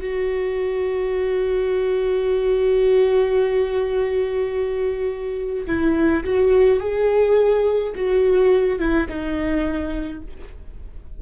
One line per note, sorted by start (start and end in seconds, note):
0.00 5.66 F#4
5.67 6.23 E4
6.24 6.80 F#4
6.80 7.93 G#4
7.96 8.79 F#4
8.79 9.07 E4
9.08 10.21 D#4